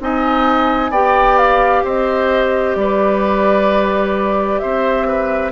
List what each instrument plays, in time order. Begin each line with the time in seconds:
0.00 bassoon C4, clarinet D#4, oboe D#5, flute G#5
0.91 bassoon B3, clarinet G4, oboe D5, flute G5
1.38 flute F5
1.84 bassoon C4, oboe C5, flute D#5
2.76 bassoon G3, oboe B4, flute D5
4.59 bassoon C4, oboe C5, flute E5
5.07 oboe B4